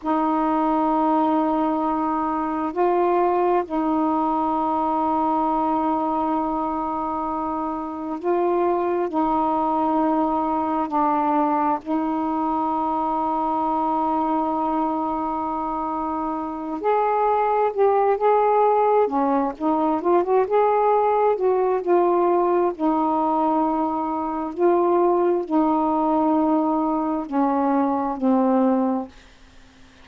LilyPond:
\new Staff \with { instrumentName = "saxophone" } { \time 4/4 \tempo 4 = 66 dis'2. f'4 | dis'1~ | dis'4 f'4 dis'2 | d'4 dis'2.~ |
dis'2~ dis'8 gis'4 g'8 | gis'4 cis'8 dis'8 f'16 fis'16 gis'4 fis'8 | f'4 dis'2 f'4 | dis'2 cis'4 c'4 | }